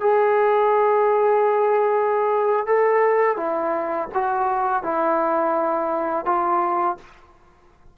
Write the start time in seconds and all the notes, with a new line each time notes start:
0.00 G#4
2.66 A4
3.37 E4
4.14 F#4
4.83 E4
6.25 F4